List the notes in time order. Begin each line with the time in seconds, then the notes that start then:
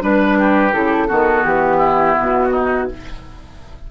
0.00 G3 D4 B4
0.38 G4
0.73 C#3 E4 A4
1.08 D#3 B3 F#4
1.44 E3 G4
1.77 E4
2.19 B2 F#4
2.52 D#4